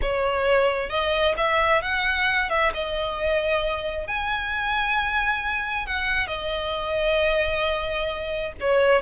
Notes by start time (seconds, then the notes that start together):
0.01 C#5
0.89 D#5
1.37 E5
1.82 F#5
2.49 E5
2.74 D#5
4.07 G#5
5.86 F#5
6.27 D#5
8.60 C#5